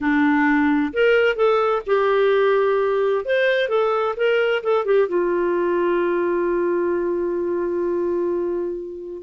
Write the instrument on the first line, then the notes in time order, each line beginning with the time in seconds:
clarinet
0.00 D4
0.93 A#4
1.36 A4
1.86 G4
3.25 C5
3.69 A4
4.16 A#4
4.63 A4
4.85 G4
5.08 F4